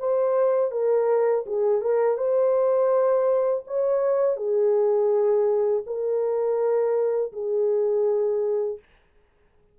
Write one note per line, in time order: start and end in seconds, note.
0.00 0.72 C5
0.72 1.45 A#4
1.47 1.82 G#4
1.82 2.18 A#4
2.18 3.64 C5
3.68 4.37 C#5
4.37 5.84 G#4
5.87 7.33 A#4
7.33 8.79 G#4